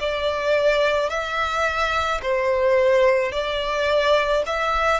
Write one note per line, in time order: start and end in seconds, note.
0.00 1.10 D5
1.10 2.21 E5
2.22 3.32 C5
3.32 4.43 D5
4.46 5.00 E5